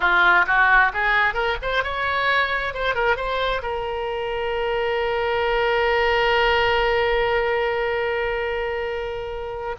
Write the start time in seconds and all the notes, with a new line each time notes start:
0.00 F4
0.46 F#4
0.93 G#4
1.34 A#4
1.61 C5
1.83 C#5
2.74 C5
2.94 A#4
3.16 C5
3.62 A#4